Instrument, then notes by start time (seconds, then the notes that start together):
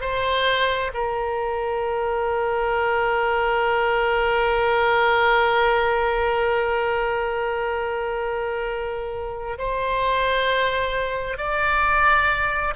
oboe
0.00 C5
0.94 A#4
9.58 C5
11.37 D5